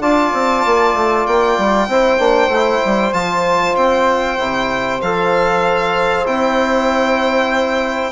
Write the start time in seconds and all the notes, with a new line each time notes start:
0.00 D4 F4 D5 A5
0.33 C4
0.65 A#3
0.93 A3
1.26 A#3 G5
1.58 G3
1.87 C4 E4 C5
2.18 A#3 D4
2.47 A3
2.54 E4
2.85 G3
3.12 F3 F4 A5
3.76 C4 G5
4.38 C3 E4
5.01 F3 A4 F5
6.25 C4 E4 G5